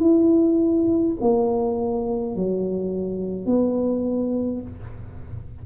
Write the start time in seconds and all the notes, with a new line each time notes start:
0.00 E4
1.21 A#3
2.36 F#3
3.47 B3